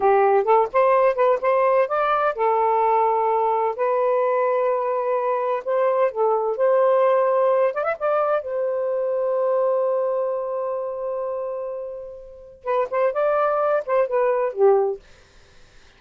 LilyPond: \new Staff \with { instrumentName = "saxophone" } { \time 4/4 \tempo 4 = 128 g'4 a'8 c''4 b'8 c''4 | d''4 a'2. | b'1 | c''4 a'4 c''2~ |
c''8 d''16 e''16 d''4 c''2~ | c''1~ | c''2. b'8 c''8 | d''4. c''8 b'4 g'4 | }